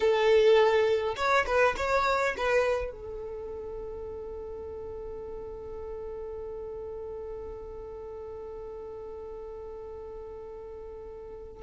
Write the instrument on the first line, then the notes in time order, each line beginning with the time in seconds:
violin
0.00 A4
1.16 C#5
1.46 B4
1.77 C#5
2.37 B4
2.91 A4